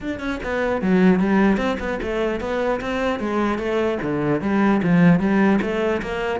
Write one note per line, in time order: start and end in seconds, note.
0.01 0.19 D4
0.19 0.39 C#4
0.43 0.81 B3
0.81 1.19 F#3
1.19 1.57 G3
1.57 1.77 C4
1.79 1.99 B3
2.02 2.40 A3
2.40 2.80 B3
2.81 3.19 C4
3.19 3.58 G#3
3.58 3.98 A3
4.02 4.41 D3
4.41 4.81 G3
4.83 5.19 F3
5.19 5.59 G3
5.61 6.01 A3
6.02 6.40 A#3